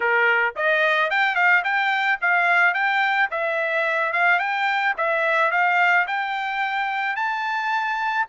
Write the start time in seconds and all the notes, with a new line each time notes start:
0.00 A#4
0.56 D#5
1.10 G5
1.35 F5
1.64 G5
2.21 F5
2.73 G5
3.30 E5
4.13 F5
4.39 G5
4.97 E5
5.51 F5
6.07 G5
7.16 A5